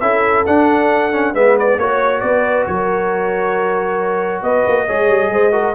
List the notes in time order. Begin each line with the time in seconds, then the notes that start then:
0.00 C#4 E4 A4 E5
0.46 D4 F#5
1.12 C#4
1.34 G#3 B3 B4 E5
1.59 D5
1.77 A#3 F#4 C#5
2.20 B3 B4 D5
2.66 F#3 A#4 C#5
4.42 B3 B4 D#5
4.66 A#3
4.86 G#3 G#4 C#5
5.08 G3
5.29 G#3 C5
5.51 F#4 A#4